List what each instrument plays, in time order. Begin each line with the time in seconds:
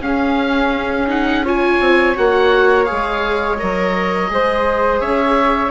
0.00 bassoon C#4, viola C#4, flute G#4, oboe F5
1.07 viola D#4, oboe F#5
1.44 viola F4, flute C#5, oboe G#5
1.80 bassoon C4
2.15 bassoon A#3, viola F#4, oboe F#5
2.85 viola G#4, oboe F5
2.91 bassoon G#3
3.59 bassoon F#3, viola A#4, oboe D#5
4.28 bassoon G#3, viola G#4, flute C5
5.00 bassoon C#4, flute C#5, oboe E5